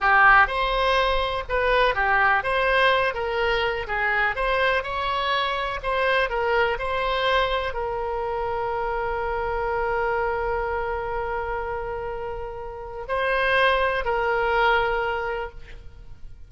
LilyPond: \new Staff \with { instrumentName = "oboe" } { \time 4/4 \tempo 4 = 124 g'4 c''2 b'4 | g'4 c''4. ais'4. | gis'4 c''4 cis''2 | c''4 ais'4 c''2 |
ais'1~ | ais'1~ | ais'2. c''4~ | c''4 ais'2. | }